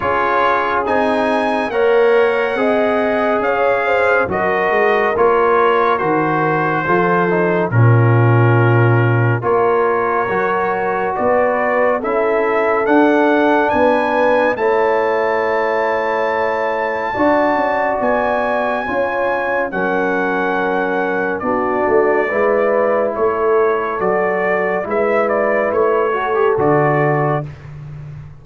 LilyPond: <<
  \new Staff \with { instrumentName = "trumpet" } { \time 4/4 \tempo 4 = 70 cis''4 gis''4 fis''2 | f''4 dis''4 cis''4 c''4~ | c''4 ais'2 cis''4~ | cis''4 d''4 e''4 fis''4 |
gis''4 a''2.~ | a''4 gis''2 fis''4~ | fis''4 d''2 cis''4 | d''4 e''8 d''8 cis''4 d''4 | }
  \new Staff \with { instrumentName = "horn" } { \time 4/4 gis'2 cis''4 dis''4 | cis''8 c''8 ais'2. | a'4 f'2 ais'4~ | ais'4 b'4 a'2 |
b'4 cis''2. | d''2 cis''4 ais'4~ | ais'4 fis'4 b'4 a'4~ | a'4 b'4. a'4. | }
  \new Staff \with { instrumentName = "trombone" } { \time 4/4 f'4 dis'4 ais'4 gis'4~ | gis'4 fis'4 f'4 fis'4 | f'8 dis'8 cis'2 f'4 | fis'2 e'4 d'4~ |
d'4 e'2. | fis'2 f'4 cis'4~ | cis'4 d'4 e'2 | fis'4 e'4. fis'16 g'16 fis'4 | }
  \new Staff \with { instrumentName = "tuba" } { \time 4/4 cis'4 c'4 ais4 c'4 | cis'4 fis8 gis8 ais4 dis4 | f4 ais,2 ais4 | fis4 b4 cis'4 d'4 |
b4 a2. | d'8 cis'8 b4 cis'4 fis4~ | fis4 b8 a8 gis4 a4 | fis4 gis4 a4 d4 | }
>>